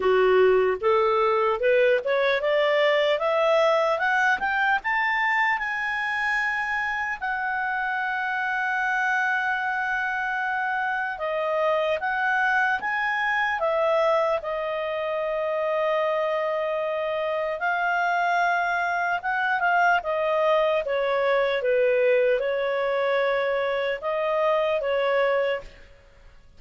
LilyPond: \new Staff \with { instrumentName = "clarinet" } { \time 4/4 \tempo 4 = 75 fis'4 a'4 b'8 cis''8 d''4 | e''4 fis''8 g''8 a''4 gis''4~ | gis''4 fis''2.~ | fis''2 dis''4 fis''4 |
gis''4 e''4 dis''2~ | dis''2 f''2 | fis''8 f''8 dis''4 cis''4 b'4 | cis''2 dis''4 cis''4 | }